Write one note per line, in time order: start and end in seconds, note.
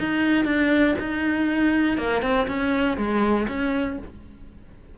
0.00 0.45 D#4
0.45 0.95 D4
0.99 1.98 D#4
1.98 2.22 A#3
2.22 2.47 C4
2.48 2.97 C#4
2.97 3.47 G#3
3.48 3.98 C#4